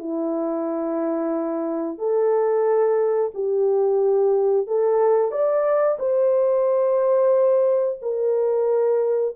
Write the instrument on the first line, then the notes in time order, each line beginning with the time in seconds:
horn
0.00 E4
1.99 A4
3.35 G4
4.68 A4
5.32 D5
6.00 C5
8.02 A#4